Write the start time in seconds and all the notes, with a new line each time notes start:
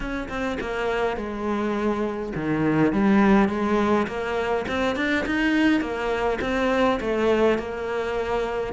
0.00 C#4
0.28 C4
0.60 A#3
1.16 G#3
2.35 D#3
2.93 G3
3.48 G#3
4.07 A#3
4.68 C4
4.95 D4
5.26 D#4
5.80 A#3
6.41 C4
7.00 A3
7.58 A#3